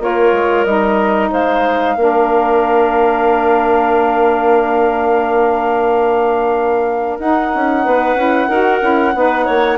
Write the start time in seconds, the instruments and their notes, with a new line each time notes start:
0.00 bassoon A#3, saxophone F4, clarinet A#4, flute C#5
0.32 bassoon G#3
0.64 bassoon G3, saxophone D#4, flute D#5
1.31 bassoon G#3, clarinet C5, flute F5
1.96 bassoon A#3, saxophone D4, clarinet A#4
7.19 bassoon D#4, saxophone D#4, flute F#5
7.55 bassoon C#4
7.84 bassoon B3, clarinet B4
8.15 bassoon C#4, saxophone E4
8.48 bassoon D#4, saxophone F#4, clarinet A#4
8.81 bassoon C#4, saxophone E4
9.15 bassoon B3, saxophone D#4, clarinet B4
9.45 bassoon A#3, clarinet C#5